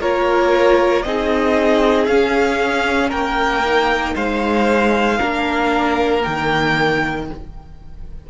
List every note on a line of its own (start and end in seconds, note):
0.00 1.05 A#3
0.00 1.04 F4
0.00 1.03 A#4
0.00 1.02 C#5
1.02 2.08 C4
1.02 2.09 D#4
1.02 3.08 G#4
1.02 2.06 D#5
2.06 3.11 C#4
2.06 3.64 C#4
2.06 3.09 F5
3.08 4.15 A#3
3.08 4.12 A#4
3.08 4.15 G5
3.64 5.18 D#4
4.15 5.19 G#3
4.15 5.17 C5
4.15 6.22 F5
5.17 6.25 A#3
5.17 6.20 D4
5.17 7.24 A#4
6.20 7.23 A#3
6.20 7.26 G5
6.26 7.30 D#3